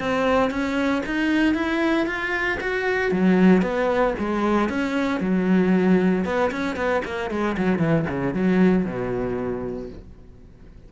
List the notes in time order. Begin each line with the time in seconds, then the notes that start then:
0.00 C4
0.51 C#4
1.06 D#4
1.55 E4
2.07 F4
2.61 F#4
3.12 F#3
3.62 B3
4.19 G#3
4.70 C#4
5.21 F#3
6.25 B3
6.52 C#4
6.76 B3
7.05 A#3
7.31 G#3
7.58 F#3
7.79 E3
8.10 C#3
8.34 F#3
8.86 B2